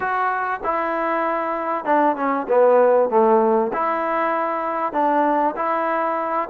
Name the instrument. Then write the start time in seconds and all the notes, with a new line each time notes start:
trombone
0.00 F#4
0.63 E4
1.84 D4
2.15 C#4
2.48 B3
3.09 A3
3.73 E4
4.93 D4
5.56 E4